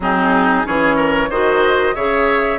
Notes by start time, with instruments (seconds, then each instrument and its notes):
0.00 bassoon F#3, clarinet C4, oboe D#4, flute G#4
0.65 bassoon E3, clarinet C#4, oboe G#4, flute C#5
0.96 oboe A#4
1.29 bassoon D#3, clarinet F#4, oboe C5, flute D#5
1.95 bassoon C#3, clarinet G#4, oboe C#5, flute E5